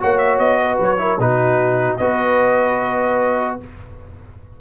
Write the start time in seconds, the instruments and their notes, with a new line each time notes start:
0.00 tuba A#3, trombone F#4, horn C#5, trumpet F#5
0.18 trumpet E5
0.39 tuba B3, trumpet D#5
0.62 horn B4
0.80 tuba F#3, trumpet C#5
0.98 trombone E4, horn A#4
1.19 tuba B2, trombone D#4, horn F#4, trumpet B4
1.97 tuba B3, trombone F#4, horn B4, trumpet D#5